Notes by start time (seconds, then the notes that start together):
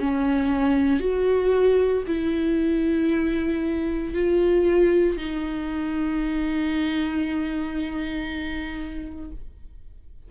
0.00 C#4
1.00 F#4
2.07 E4
4.14 F4
5.17 D#4